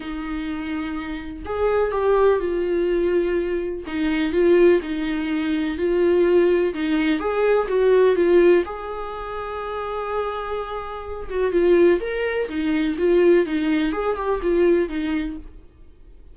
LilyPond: \new Staff \with { instrumentName = "viola" } { \time 4/4 \tempo 4 = 125 dis'2. gis'4 | g'4 f'2. | dis'4 f'4 dis'2 | f'2 dis'4 gis'4 |
fis'4 f'4 gis'2~ | gis'2.~ gis'8 fis'8 | f'4 ais'4 dis'4 f'4 | dis'4 gis'8 g'8 f'4 dis'4 | }